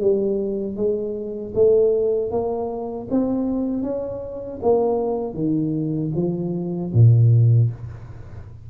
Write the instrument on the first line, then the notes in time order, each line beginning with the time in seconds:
tuba
0.00 G3
0.76 G#3
1.54 A3
2.30 A#3
3.10 C4
3.82 C#4
4.62 A#3
5.34 D#3
6.15 F3
6.93 A#2